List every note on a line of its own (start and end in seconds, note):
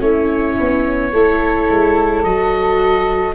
0.00 0.56 A3
0.00 1.11 C#4
0.00 1.13 E4
0.00 2.23 C#5
0.60 1.14 B3
1.13 1.70 A3
1.13 2.25 E4
1.13 3.35 A4
1.70 2.24 G#3
2.23 3.35 F#3
2.23 3.35 F#4
2.23 3.34 D#5